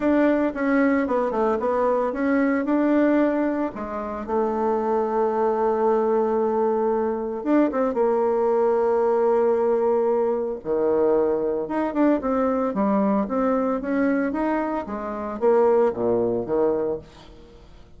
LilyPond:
\new Staff \with { instrumentName = "bassoon" } { \time 4/4 \tempo 4 = 113 d'4 cis'4 b8 a8 b4 | cis'4 d'2 gis4 | a1~ | a2 d'8 c'8 ais4~ |
ais1 | dis2 dis'8 d'8 c'4 | g4 c'4 cis'4 dis'4 | gis4 ais4 ais,4 dis4 | }